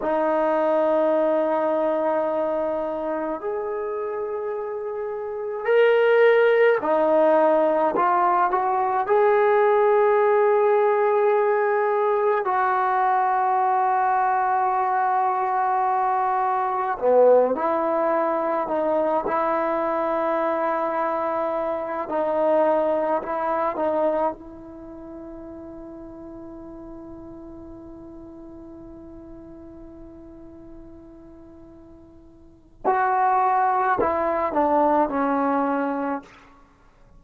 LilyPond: \new Staff \with { instrumentName = "trombone" } { \time 4/4 \tempo 4 = 53 dis'2. gis'4~ | gis'4 ais'4 dis'4 f'8 fis'8 | gis'2. fis'4~ | fis'2. b8 e'8~ |
e'8 dis'8 e'2~ e'8 dis'8~ | dis'8 e'8 dis'8 e'2~ e'8~ | e'1~ | e'4 fis'4 e'8 d'8 cis'4 | }